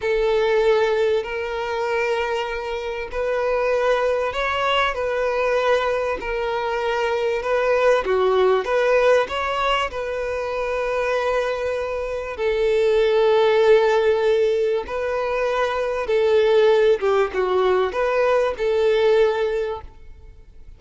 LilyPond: \new Staff \with { instrumentName = "violin" } { \time 4/4 \tempo 4 = 97 a'2 ais'2~ | ais'4 b'2 cis''4 | b'2 ais'2 | b'4 fis'4 b'4 cis''4 |
b'1 | a'1 | b'2 a'4. g'8 | fis'4 b'4 a'2 | }